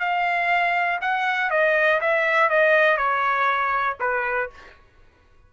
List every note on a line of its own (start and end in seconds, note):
0.00 1.00 F5
1.02 1.51 F#5
1.51 2.01 D#5
2.01 2.50 E5
2.50 2.98 D#5
2.98 3.98 C#5
4.01 4.51 B4